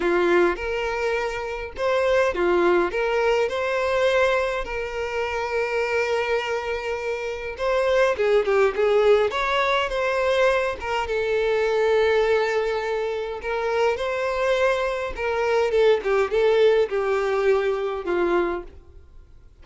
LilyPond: \new Staff \with { instrumentName = "violin" } { \time 4/4 \tempo 4 = 103 f'4 ais'2 c''4 | f'4 ais'4 c''2 | ais'1~ | ais'4 c''4 gis'8 g'8 gis'4 |
cis''4 c''4. ais'8 a'4~ | a'2. ais'4 | c''2 ais'4 a'8 g'8 | a'4 g'2 f'4 | }